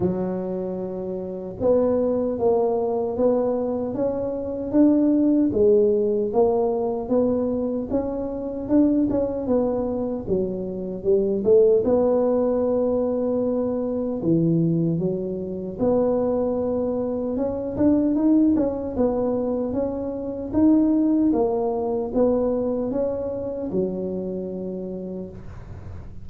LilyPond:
\new Staff \with { instrumentName = "tuba" } { \time 4/4 \tempo 4 = 76 fis2 b4 ais4 | b4 cis'4 d'4 gis4 | ais4 b4 cis'4 d'8 cis'8 | b4 fis4 g8 a8 b4~ |
b2 e4 fis4 | b2 cis'8 d'8 dis'8 cis'8 | b4 cis'4 dis'4 ais4 | b4 cis'4 fis2 | }